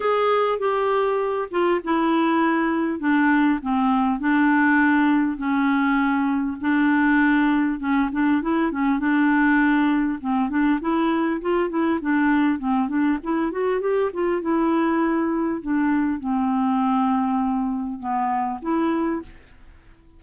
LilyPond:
\new Staff \with { instrumentName = "clarinet" } { \time 4/4 \tempo 4 = 100 gis'4 g'4. f'8 e'4~ | e'4 d'4 c'4 d'4~ | d'4 cis'2 d'4~ | d'4 cis'8 d'8 e'8 cis'8 d'4~ |
d'4 c'8 d'8 e'4 f'8 e'8 | d'4 c'8 d'8 e'8 fis'8 g'8 f'8 | e'2 d'4 c'4~ | c'2 b4 e'4 | }